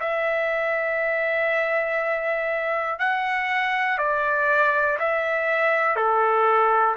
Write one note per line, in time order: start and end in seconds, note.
0.00 2.99 E5
2.99 3.98 F#5
3.98 4.98 D5
4.99 5.95 E5
5.95 6.95 A4